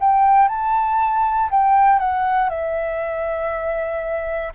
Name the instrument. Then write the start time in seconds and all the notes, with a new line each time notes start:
flute
0.00 G5
0.49 A5
1.51 G5
1.99 F#5
2.50 E5